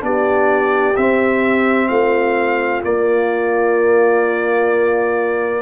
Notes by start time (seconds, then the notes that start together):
0.00 B3 D4 G4 D5
0.96 C4 E5
1.88 A3 F4 F5
2.83 A#3 D5